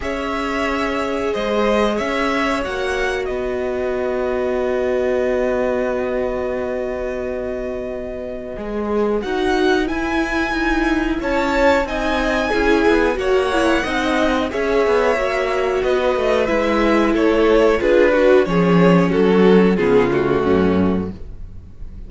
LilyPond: <<
  \new Staff \with { instrumentName = "violin" } { \time 4/4 \tempo 4 = 91 e''2 dis''4 e''4 | fis''4 dis''2.~ | dis''1~ | dis''2 fis''4 gis''4~ |
gis''4 a''4 gis''2 | fis''2 e''2 | dis''4 e''4 cis''4 b'4 | cis''4 a'4 gis'8 fis'4. | }
  \new Staff \with { instrumentName = "violin" } { \time 4/4 cis''2 c''4 cis''4~ | cis''4 b'2.~ | b'1~ | b'1~ |
b'4 cis''4 dis''4 gis'4 | cis''4 dis''4 cis''2 | b'2 a'4 gis'8 fis'8 | gis'4 fis'4 f'4 cis'4 | }
  \new Staff \with { instrumentName = "viola" } { \time 4/4 gis'1 | fis'1~ | fis'1~ | fis'4 gis'4 fis'4 e'4~ |
e'2 dis'4 e'4 | fis'8 e'8 dis'4 gis'4 fis'4~ | fis'4 e'2 f'8 fis'8 | cis'2 b8 a4. | }
  \new Staff \with { instrumentName = "cello" } { \time 4/4 cis'2 gis4 cis'4 | ais4 b2.~ | b1~ | b4 gis4 dis'4 e'4 |
dis'4 cis'4 c'4 cis'8 b8 | ais4 c'4 cis'8 b8 ais4 | b8 a8 gis4 a4 d'4 | f4 fis4 cis4 fis,4 | }
>>